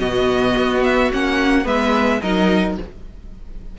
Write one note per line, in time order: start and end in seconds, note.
0.00 0.56 B2
0.00 1.11 B3
0.00 1.65 F#4
0.00 0.83 D#5
0.57 1.13 B3
0.84 1.12 E5
1.12 1.66 A#3
1.12 1.64 C#4
1.12 1.67 F#5
1.64 2.22 G#3
1.64 2.20 B3
1.64 2.20 B4
1.64 2.22 E5
2.22 2.78 F#3
2.22 2.79 D#4
2.22 2.78 A#4
2.22 2.78 D#5